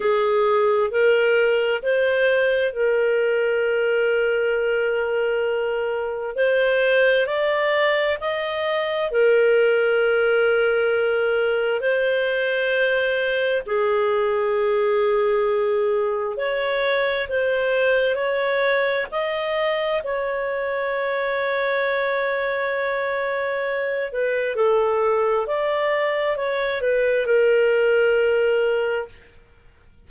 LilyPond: \new Staff \with { instrumentName = "clarinet" } { \time 4/4 \tempo 4 = 66 gis'4 ais'4 c''4 ais'4~ | ais'2. c''4 | d''4 dis''4 ais'2~ | ais'4 c''2 gis'4~ |
gis'2 cis''4 c''4 | cis''4 dis''4 cis''2~ | cis''2~ cis''8 b'8 a'4 | d''4 cis''8 b'8 ais'2 | }